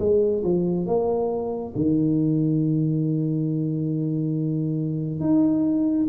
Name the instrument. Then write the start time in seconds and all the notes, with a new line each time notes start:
tuba
0.00 G#3
0.44 F3
0.87 A#3
1.76 D#3
5.20 D#4